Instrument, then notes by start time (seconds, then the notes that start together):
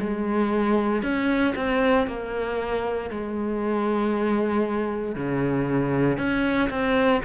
cello
0.00 G#3
1.03 C#4
1.56 C4
2.07 A#3
3.10 G#3
5.15 C#3
6.18 C#4
6.70 C4